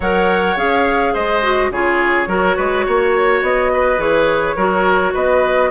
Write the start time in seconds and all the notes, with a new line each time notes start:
0.00 F#3 A#4 C#5 F#5
0.56 C#4 G#4 F5
1.13 G#3 C5 D#5
1.42 F#4
1.71 C#3 F4 G#4 C#5
2.27 F#3 F#4 A#4
2.56 G#3 B4
2.86 A#3 C#5
3.42 B3 D#5
3.73 B4
3.98 E3 G#4 C#5
4.55 F#3 F#4 A#4
5.13 B3 B4 D#5